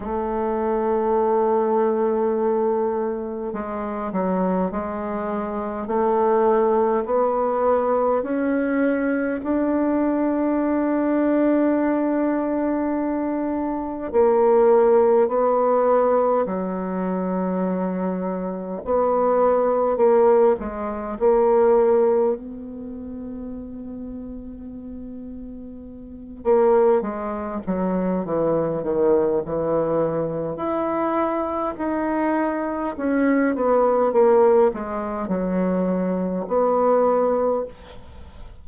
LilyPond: \new Staff \with { instrumentName = "bassoon" } { \time 4/4 \tempo 4 = 51 a2. gis8 fis8 | gis4 a4 b4 cis'4 | d'1 | ais4 b4 fis2 |
b4 ais8 gis8 ais4 b4~ | b2~ b8 ais8 gis8 fis8 | e8 dis8 e4 e'4 dis'4 | cis'8 b8 ais8 gis8 fis4 b4 | }